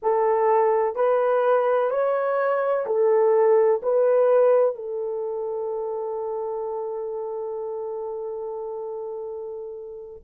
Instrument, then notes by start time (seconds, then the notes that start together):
horn
0.02 A4
0.95 B4
1.90 C#5
2.86 A4
3.82 B4
4.75 A4